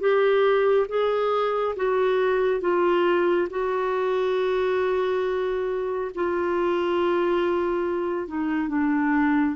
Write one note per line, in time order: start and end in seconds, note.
0.00 0.87 G4
0.89 1.75 G#4
1.76 2.61 F#4
2.61 3.48 F4
3.50 6.11 F#4
6.15 8.28 F4
8.28 8.69 D#4
8.69 9.56 D4